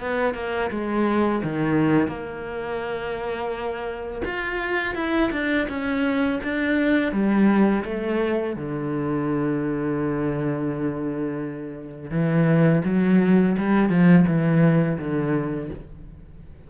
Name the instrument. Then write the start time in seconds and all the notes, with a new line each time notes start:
cello
0.00 B3
0.35 A#3
0.71 G#3
1.44 D#3
2.08 A#3
4.25 F4
4.95 E4
5.32 D4
5.69 C#4
6.44 D4
7.13 G3
7.85 A3
8.56 D3
12.11 E3
12.85 F#3
13.58 G3
13.90 F3
14.27 E3
14.99 D3